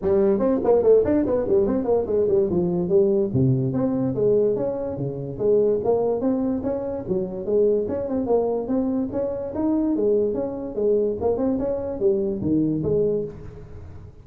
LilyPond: \new Staff \with { instrumentName = "tuba" } { \time 4/4 \tempo 4 = 145 g4 c'8 ais8 a8 d'8 b8 g8 | c'8 ais8 gis8 g8 f4 g4 | c4 c'4 gis4 cis'4 | cis4 gis4 ais4 c'4 |
cis'4 fis4 gis4 cis'8 c'8 | ais4 c'4 cis'4 dis'4 | gis4 cis'4 gis4 ais8 c'8 | cis'4 g4 dis4 gis4 | }